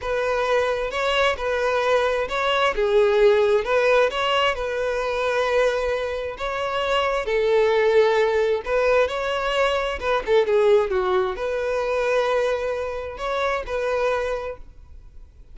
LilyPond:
\new Staff \with { instrumentName = "violin" } { \time 4/4 \tempo 4 = 132 b'2 cis''4 b'4~ | b'4 cis''4 gis'2 | b'4 cis''4 b'2~ | b'2 cis''2 |
a'2. b'4 | cis''2 b'8 a'8 gis'4 | fis'4 b'2.~ | b'4 cis''4 b'2 | }